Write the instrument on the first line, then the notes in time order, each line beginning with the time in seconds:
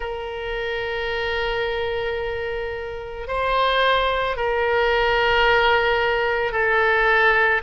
oboe
0.00 A#4
3.27 C5
4.36 A#4
6.52 A4